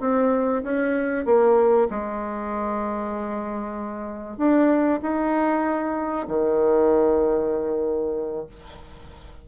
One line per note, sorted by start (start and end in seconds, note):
0.00 0.62 C4
0.63 1.25 C#4
1.25 1.88 A#3
1.90 4.37 G#3
4.37 5.00 D4
5.02 6.27 D#4
6.28 8.46 D#3